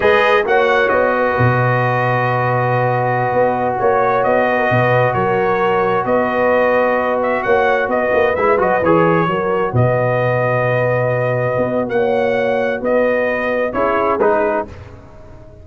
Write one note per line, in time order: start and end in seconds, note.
0.00 0.45 G#3
0.00 0.44 G#4
0.00 0.44 B4
0.00 0.45 D#5
0.45 0.91 A#3
0.45 8.35 F#4
0.45 1.16 C#5
0.45 0.89 F#5
0.89 1.37 B3
0.89 3.75 D#5
1.16 3.78 B4
1.38 3.33 B2
3.33 3.78 B3
3.78 4.24 A#3
3.78 4.23 C#5
3.78 4.47 C#5
4.23 4.70 B3
4.23 5.13 D#5
4.49 4.58 B4
4.58 4.69 A#4
4.70 5.15 B2
4.70 5.14 B4
5.13 6.04 F#3
5.13 6.05 A#4
5.13 6.05 C#5
6.04 7.42 B3
6.04 7.43 B4
6.04 7.20 D#5
7.22 7.42 E5
7.42 7.88 A#3
7.42 7.89 C#5
7.42 7.88 F#5
7.88 8.10 B3
7.88 9.26 B4
7.88 8.35 D#5
8.12 8.35 A#3
8.35 8.58 G#3
8.35 8.58 E4
8.35 8.58 E5
8.58 8.81 F#3
8.58 8.80 F#4
8.58 8.84 D#5
8.82 9.26 E3
8.82 9.28 G#4
8.82 9.75 C#5
9.26 9.72 F#3
9.26 13.74 F#4
9.26 9.72 A#4
9.72 11.56 B2
9.72 11.89 B4
9.72 11.89 D#5
11.56 11.88 B3
11.88 12.80 A#3
11.88 12.80 F#5
11.95 12.80 C#5
12.80 13.72 B3
12.80 13.72 B4
12.80 13.72 D#5
13.72 14.18 C#4
13.72 14.19 E4
13.72 14.66 G#4
13.72 14.18 C#5
14.18 14.64 G#3
14.18 14.67 D#4
14.18 14.65 B4